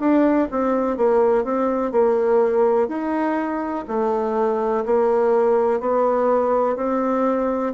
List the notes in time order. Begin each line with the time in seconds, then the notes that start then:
0.00 D4
0.51 C4
0.97 A#3
1.45 C4
1.92 A#3
2.89 D#4
3.88 A3
4.86 A#3
5.81 B3
6.77 C4